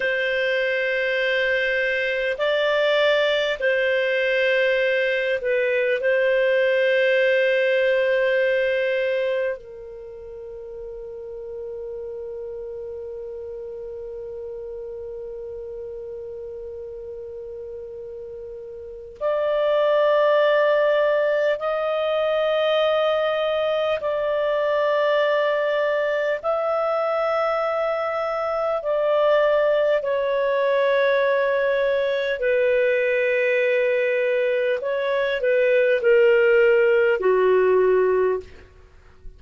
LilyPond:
\new Staff \with { instrumentName = "clarinet" } { \time 4/4 \tempo 4 = 50 c''2 d''4 c''4~ | c''8 b'8 c''2. | ais'1~ | ais'1 |
d''2 dis''2 | d''2 e''2 | d''4 cis''2 b'4~ | b'4 cis''8 b'8 ais'4 fis'4 | }